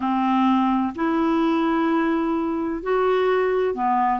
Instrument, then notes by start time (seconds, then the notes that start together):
clarinet
0.00 C4
0.95 E4
2.83 F#4
3.74 B3